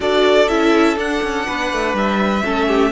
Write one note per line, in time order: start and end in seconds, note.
0.00 0.48 D4
0.00 0.46 F#4
0.00 1.46 A4
0.00 0.48 D5
0.48 0.97 C#4
0.48 0.96 E4
0.48 0.97 E5
0.96 2.42 D4
0.96 1.21 D4
0.96 1.96 F#5
1.22 1.47 C#4
1.46 1.72 B3
1.46 2.44 B4
1.72 1.93 A3
1.93 2.42 G3
1.93 2.92 E5
2.44 2.92 A3
2.44 2.92 C#4
2.44 2.67 A4
2.67 2.91 G4